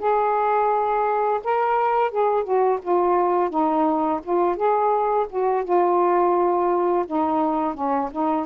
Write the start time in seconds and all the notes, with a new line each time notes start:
0.00 G#4
1.44 A#4
2.11 G#4
2.44 F#4
2.82 F4
3.50 D#4
4.24 F4
4.57 G#4
5.30 F#4
5.65 F4
7.07 D#4
7.75 C#4
8.12 D#4